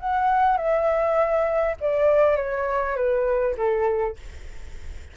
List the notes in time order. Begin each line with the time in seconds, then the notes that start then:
0.00 F#5
0.58 E5
1.81 D5
2.37 C#5
2.96 B4
3.58 A4